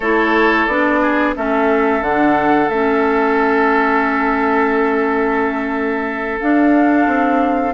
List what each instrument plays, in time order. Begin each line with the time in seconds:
0.00 bassoon A3, clarinet E4, oboe A4, flute C#5
0.67 bassoon B3, clarinet D4, flute D5
1.01 oboe G#4
1.35 bassoon A3, clarinet C#4, oboe A4, flute E5
2.01 bassoon D3, clarinet D4, flute F#5
2.68 bassoon A3, clarinet C#4, flute E5
6.40 clarinet D4, bassoon D4, flute F5
7.06 bassoon C4